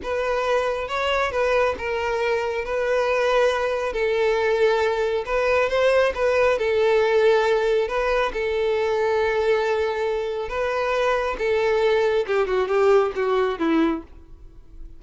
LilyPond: \new Staff \with { instrumentName = "violin" } { \time 4/4 \tempo 4 = 137 b'2 cis''4 b'4 | ais'2 b'2~ | b'4 a'2. | b'4 c''4 b'4 a'4~ |
a'2 b'4 a'4~ | a'1 | b'2 a'2 | g'8 fis'8 g'4 fis'4 e'4 | }